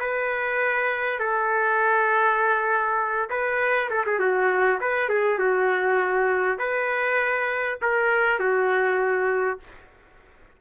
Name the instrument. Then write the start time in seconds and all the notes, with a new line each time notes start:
trumpet
0.00 B4
1.19 A4
3.30 B4
3.90 A4
4.06 G#4
4.19 F#4
4.81 B4
5.09 G#4
5.38 F#4
6.59 B4
7.82 A#4
8.39 F#4